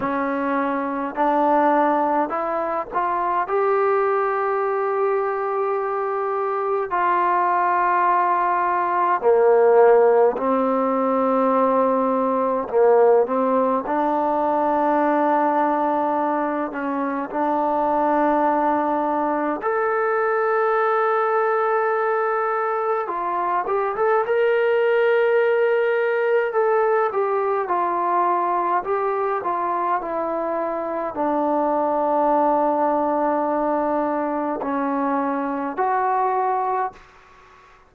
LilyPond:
\new Staff \with { instrumentName = "trombone" } { \time 4/4 \tempo 4 = 52 cis'4 d'4 e'8 f'8 g'4~ | g'2 f'2 | ais4 c'2 ais8 c'8 | d'2~ d'8 cis'8 d'4~ |
d'4 a'2. | f'8 g'16 a'16 ais'2 a'8 g'8 | f'4 g'8 f'8 e'4 d'4~ | d'2 cis'4 fis'4 | }